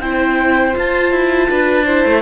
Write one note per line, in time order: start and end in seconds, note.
0.00 0.74 C4
0.00 0.73 E4
0.00 1.50 C5
0.00 0.74 G5
0.73 1.84 F4
0.73 1.12 F4
0.73 2.22 A5
1.12 1.49 E4
1.50 2.06 D4
1.50 1.85 B4
1.85 2.22 E4
1.85 2.22 C5
2.06 2.22 A3